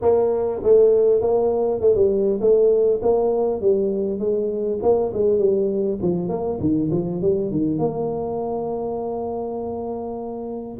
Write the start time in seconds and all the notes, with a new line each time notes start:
0.01 A#3
0.63 A3
1.21 A#3
1.80 A3
1.95 G3
2.40 A3
3.02 A#3
3.61 G3
4.19 G#3
4.82 A#3
5.13 G#3
5.38 G3
6.02 F3
6.28 A#3
6.60 D#3
6.91 F3
7.21 G3
7.51 D#3
7.78 A#3